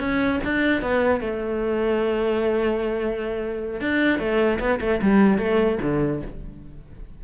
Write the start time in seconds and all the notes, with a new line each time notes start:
0.00 C#4
0.44 D4
0.82 B3
1.21 A3
3.81 D4
4.19 A3
4.60 B3
4.80 A3
5.02 G3
5.39 A3
5.82 D3